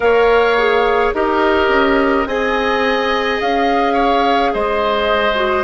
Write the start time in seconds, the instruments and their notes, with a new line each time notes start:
0.00 bassoon A#3, clarinet A#4, oboe C#5, flute F5
0.57 clarinet G#4
1.13 bassoon D#4, clarinet G4, oboe A#4, flute D#5
1.68 bassoon C#4
2.25 bassoon C4, clarinet G#4, oboe D#5, flute G#5
3.40 bassoon C#4, flute F5
3.93 oboe C#5
4.53 bassoon G#3, oboe C5, flute D#5
5.35 clarinet F#4